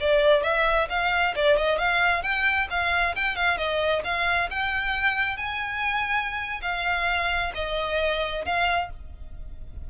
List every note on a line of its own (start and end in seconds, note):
0.00 0.43 D5
0.43 0.88 E5
0.89 1.34 F5
1.35 1.57 D5
1.57 1.78 D#5
1.78 2.22 F5
2.22 2.68 G5
2.70 3.15 F5
3.15 3.36 G5
3.36 3.57 F5
3.57 4.02 D#5
4.04 4.49 F5
4.50 5.37 G5
5.37 6.61 G#5
6.62 7.52 F5
7.54 8.45 D#5
8.45 8.90 F5